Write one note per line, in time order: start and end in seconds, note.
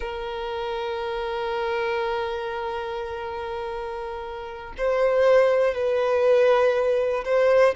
0.00 4.74 A#4
4.77 5.74 C5
5.74 7.24 B4
7.24 7.74 C5